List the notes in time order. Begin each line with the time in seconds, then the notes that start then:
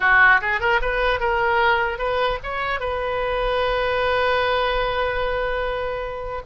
0.00 F#4
0.41 G#4
0.60 A#4
0.81 B4
1.20 A#4
1.98 B4
2.43 C#5
2.79 B4